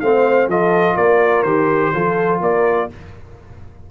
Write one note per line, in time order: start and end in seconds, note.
0.00 0.47 A3
0.00 0.50 C4
0.00 0.50 C5
0.00 0.48 F5
0.47 0.95 F3
0.47 1.46 F4
0.47 0.96 A4
0.47 0.97 D#5
0.96 1.43 A#3
0.96 1.92 A#4
0.96 1.43 D5
1.43 1.91 D#3
1.43 1.94 G4
1.43 2.39 C5
1.94 2.41 F3
1.94 2.90 F4
1.94 2.41 A4
2.41 2.89 A#3
2.41 2.89 A#4
2.41 2.91 D5